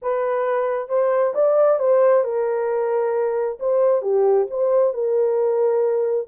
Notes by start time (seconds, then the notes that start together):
0.02 B4
0.88 C5
1.34 D5
1.79 C5
2.24 A#4
3.59 C5
4.02 G4
4.50 C5
4.93 A#4